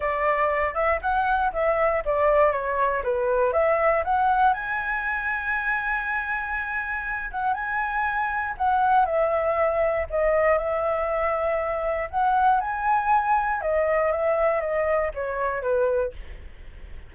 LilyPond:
\new Staff \with { instrumentName = "flute" } { \time 4/4 \tempo 4 = 119 d''4. e''8 fis''4 e''4 | d''4 cis''4 b'4 e''4 | fis''4 gis''2.~ | gis''2~ gis''8 fis''8 gis''4~ |
gis''4 fis''4 e''2 | dis''4 e''2. | fis''4 gis''2 dis''4 | e''4 dis''4 cis''4 b'4 | }